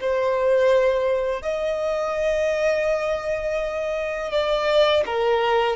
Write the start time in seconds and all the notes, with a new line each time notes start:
0.00 C5
1.42 D#5
4.31 D5
5.06 A#4